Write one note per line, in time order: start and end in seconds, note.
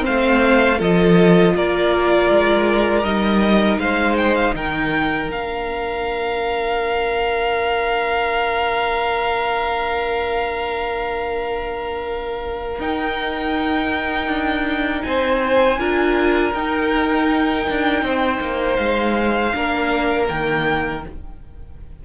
0.00 0.75 C4
0.00 0.79 C5
0.06 0.80 A3
0.06 0.81 F5
0.79 1.55 F3
0.79 3.04 F4
0.79 1.54 A4
0.79 1.57 D#5
1.56 2.30 A#3
1.56 3.81 A#4
1.56 3.04 D5
2.30 3.04 G#3
3.04 3.78 G3
3.04 5.29 D#4
3.04 3.79 D#5
3.78 4.53 G#3
3.78 4.56 C5
3.78 4.17 F5
4.17 4.36 G5
4.36 4.55 F5
4.55 5.30 D#3
4.55 15.06 A#4
4.55 5.31 G5
5.29 12.80 A#3
5.29 12.79 D4
5.29 12.80 F5
12.80 14.28 D#4
12.80 15.79 D#4
12.80 15.03 G5
14.28 15.03 D4
15.03 15.79 C4
15.03 15.80 C5
15.03 16.53 G#5
15.79 16.54 D4
15.79 16.54 F4
15.79 18.05 A#4
16.54 17.67 D#4
16.54 19.54 D#4
16.54 18.77 G5
17.70 18.03 D4
18.03 18.40 C4
18.03 19.55 C5
18.41 18.78 A#3
18.77 19.54 G#3
18.77 20.27 F5
19.54 20.30 A#3
19.54 20.26 D4
19.54 21.06 A#4
20.26 21.05 D#3
20.26 21.01 A#3
20.26 21.04 G5